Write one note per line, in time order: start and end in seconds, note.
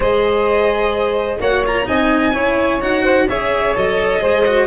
0.00 1.38 G#3
0.00 1.39 G#4
0.00 1.39 C5
0.00 1.40 D#5
1.39 1.86 A#3
1.39 1.63 F#4
1.39 1.86 C#5
1.39 1.64 F#5
1.65 1.85 F4
1.65 1.87 A#5
1.85 2.34 C4
1.85 2.32 D#4
1.85 2.32 D#5
1.85 2.81 G#5
2.32 2.81 C#4
2.32 2.80 E4
2.32 3.03 C#5
2.81 3.28 D#4
2.81 3.28 F#4
2.81 3.28 F#5
3.03 3.26 C5
3.28 3.75 C#4
3.28 3.75 G#4
3.28 4.20 C#5
3.28 3.76 E5
3.75 4.21 F#3
3.75 4.20 A4
3.75 4.67 D#5
4.20 4.67 G#3
4.20 4.44 G#4
4.20 4.67 C5
4.45 4.67 F#4